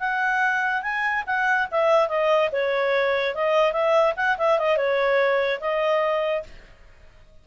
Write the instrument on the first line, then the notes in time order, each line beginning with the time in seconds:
clarinet
0.00 F#5
0.83 G#5
1.27 F#5
1.72 E5
2.09 D#5
2.53 C#5
3.35 D#5
3.73 E5
4.17 F#5
4.39 E5
4.59 D#5
4.77 C#5
5.61 D#5